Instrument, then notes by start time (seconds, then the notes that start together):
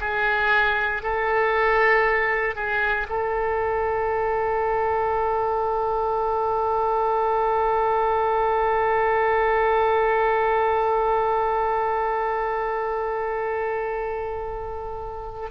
oboe
0.00 G#4
1.03 A4
2.55 G#4
3.09 A4